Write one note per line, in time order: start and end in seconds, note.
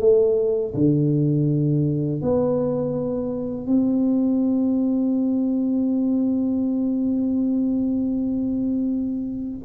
0.00 0.74 A3
0.74 2.22 D3
2.22 3.67 B3
3.67 9.60 C4